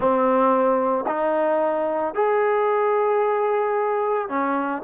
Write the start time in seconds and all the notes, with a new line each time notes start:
0.00 C4
1.07 D#4
2.14 G#4
4.29 C#4